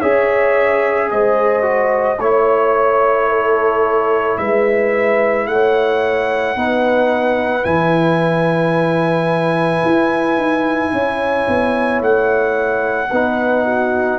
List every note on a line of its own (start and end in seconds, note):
0.00 1.12 C#4
0.00 1.62 G#4
0.00 1.09 C#5
0.00 1.10 E5
1.11 2.19 G#3
1.11 2.20 C5
1.11 2.20 D#5
1.62 2.17 F#4
2.19 4.37 A3
2.19 6.56 E4
2.19 4.38 C#5
2.19 3.29 C#5
3.29 4.38 A4
4.38 5.47 G#3
4.38 5.48 B4
4.38 5.47 E5
5.47 6.56 A3
5.47 6.56 C#5
5.47 7.64 F#5
6.56 7.65 B3
6.56 7.63 D#4
6.56 10.93 B4
7.63 9.83 E3
7.63 13.08 E4
7.63 12.01 G#5
9.84 10.37 E4
10.37 10.92 D#4
10.92 11.47 C#4
10.92 13.10 C#5
11.48 12.01 B3
12.01 13.10 A3
12.01 14.19 F#5
13.10 14.19 B3
13.10 14.19 D#4
13.10 13.64 B4
13.64 14.19 F#4